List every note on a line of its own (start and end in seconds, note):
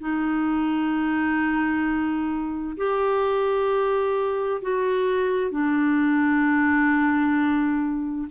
0.00 2.77 D#4
2.77 4.62 G4
4.62 5.51 F#4
5.51 8.28 D4